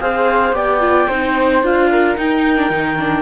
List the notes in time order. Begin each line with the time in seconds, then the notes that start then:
0.00 C4 G#4 C5 F5
0.52 B3 G4 D5 G5
0.80 F4
1.08 C4 D#4 C5
1.62 D4 F4 F5
1.91 A#4
2.16 D#4 G5
2.56 D4
2.69 D#3 D#4
2.98 D4